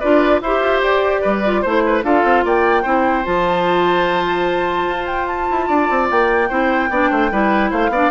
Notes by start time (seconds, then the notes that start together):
0.00 D4 F4 B4 D5
0.42 E4 G4 C5 E5
0.60 F4
0.82 G4 D5
1.21 G3 B4
1.45 F4
1.62 A3 E4 C5
1.86 B4
2.03 D4 F4 A4 F5
2.24 C4
2.45 A#3 D5 G5
2.82 C4 E4 C5
3.24 F3 F4 A5
4.88 F4
5.07 G5
5.27 A5
5.51 E4
5.68 D4 D5
5.90 C4
6.11 A#3 G5
6.49 C4 E4 C5
6.90 B3 D4 D5
7.11 A3 C5
7.32 G3 E4 B4
7.70 A3 C5 F5
7.89 B3 D4 D5